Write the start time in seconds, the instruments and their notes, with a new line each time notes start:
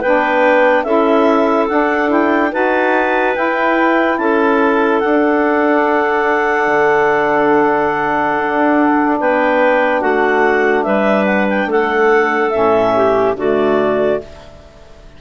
0.00 bassoon B3, saxophone D4, clarinet B4 G5
0.83 bassoon C#4, saxophone E4, clarinet A4 E5
1.68 saxophone D4, bassoon D4, clarinet F#5
2.07 saxophone E4, clarinet G5
2.51 bassoon D#4, saxophone F#4, clarinet B4 A5
3.34 saxophone E4, bassoon E4, clarinet G5
4.18 bassoon C#4, clarinet A4 A5
5.00 saxophone D4, bassoon D4, clarinet F#5
6.67 bassoon D3
8.37 bassoon D4
9.20 bassoon B3, clarinet B4 G5
10.01 bassoon A3, clarinet F#4 F#5
10.83 bassoon G3, clarinet B4 E5
11.25 clarinet F#5
11.49 clarinet G5
11.65 bassoon A3, clarinet A4 F#5
12.50 bassoon A2, saxophone C#4, clarinet E5
12.95 clarinet G4
13.35 bassoon D3, saxophone A3, clarinet F#4 D5